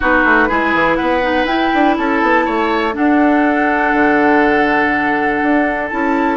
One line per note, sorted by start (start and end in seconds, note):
0.00 0.24 B3
0.00 0.49 D#4
0.00 0.48 F#4
0.00 0.95 B4
0.24 0.49 A3
0.48 0.74 G#3
0.48 1.22 E4
0.48 0.97 G#4
0.74 0.98 E3
0.95 1.44 B3
0.95 1.96 B4
0.95 1.44 F#5
1.22 1.47 D#4
1.44 1.69 E4
1.44 2.92 E4
1.44 1.95 G5
1.74 1.97 D4
1.96 2.22 C#4
1.96 2.45 A4
1.96 2.94 A5
2.22 2.46 B3
2.45 2.96 A3
2.45 2.94 C#5
2.92 5.87 D4
2.92 3.93 D4
2.92 6.36 A4
2.92 5.89 F#5
3.93 5.40 D3
5.42 5.91 D4
5.89 6.36 C#4
5.89 6.36 E4
5.89 6.36 A5